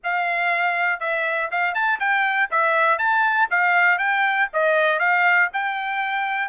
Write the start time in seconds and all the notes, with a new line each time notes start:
0.03 F5
1.00 E5
1.51 F5
1.74 A5
1.99 G5
2.50 E5
2.98 A5
3.50 F5
3.98 G5
4.53 D#5
4.99 F5
5.52 G5